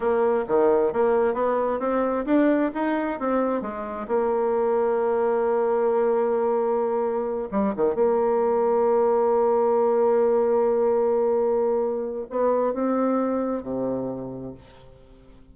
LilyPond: \new Staff \with { instrumentName = "bassoon" } { \time 4/4 \tempo 4 = 132 ais4 dis4 ais4 b4 | c'4 d'4 dis'4 c'4 | gis4 ais2.~ | ais1~ |
ais8 g8 dis8 ais2~ ais8~ | ais1~ | ais2. b4 | c'2 c2 | }